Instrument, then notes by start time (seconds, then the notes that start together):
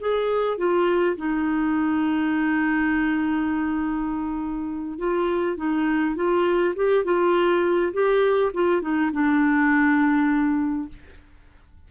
clarinet
0.00 G#4
0.57 F4
1.17 D#4
4.98 F4
5.57 D#4
6.15 F4
6.76 G4
7.04 F4
7.93 G4
8.53 F4
8.81 D#4
9.12 D4